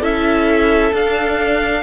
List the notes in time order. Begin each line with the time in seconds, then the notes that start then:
0.00 C#4 E4 A4 E5
0.93 D4 F5